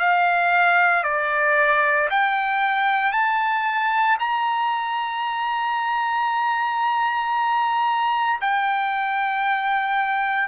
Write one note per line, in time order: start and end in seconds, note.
0.00 1.04 F5
1.04 2.09 D5
2.11 3.12 G5
3.12 4.18 A5
4.20 8.41 A#5
8.41 10.49 G5